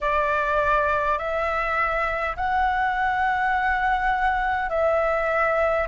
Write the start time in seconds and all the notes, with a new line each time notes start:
0.01 D5
1.18 E5
2.36 F#5
4.70 E5